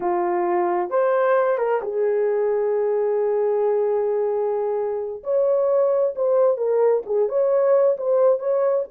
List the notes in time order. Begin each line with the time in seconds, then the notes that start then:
0.00 F4
0.90 C5
1.57 A#4
1.82 G#4
5.23 C#5
6.15 C5
6.57 A#4
7.06 G#4
7.28 C#5
7.97 C5
8.39 C#5